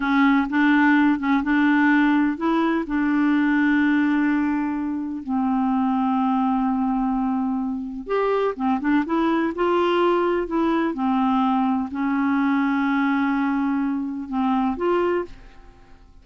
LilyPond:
\new Staff \with { instrumentName = "clarinet" } { \time 4/4 \tempo 4 = 126 cis'4 d'4. cis'8 d'4~ | d'4 e'4 d'2~ | d'2. c'4~ | c'1~ |
c'4 g'4 c'8 d'8 e'4 | f'2 e'4 c'4~ | c'4 cis'2.~ | cis'2 c'4 f'4 | }